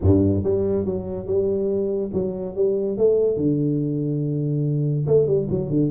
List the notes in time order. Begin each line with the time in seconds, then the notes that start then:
0.01 G2
0.43 G3
0.85 F#3
1.26 G3
2.13 F#3
2.55 G3
2.97 A3
3.36 D3
5.06 A3
5.26 G3
5.50 F#3
5.70 D3